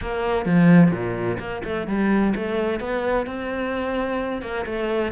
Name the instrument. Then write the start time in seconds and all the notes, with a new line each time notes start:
cello
0.01 A#3
0.45 F3
0.91 A#2
1.39 A#3
1.63 A3
1.87 G3
2.35 A3
2.79 B3
3.26 C4
4.41 A#3
4.65 A3